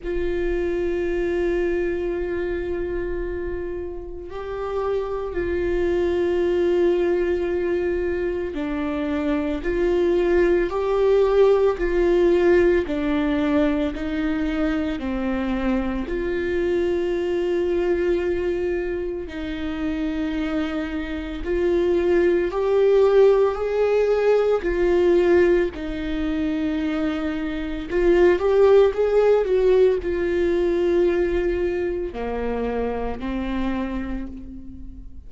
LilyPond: \new Staff \with { instrumentName = "viola" } { \time 4/4 \tempo 4 = 56 f'1 | g'4 f'2. | d'4 f'4 g'4 f'4 | d'4 dis'4 c'4 f'4~ |
f'2 dis'2 | f'4 g'4 gis'4 f'4 | dis'2 f'8 g'8 gis'8 fis'8 | f'2 ais4 c'4 | }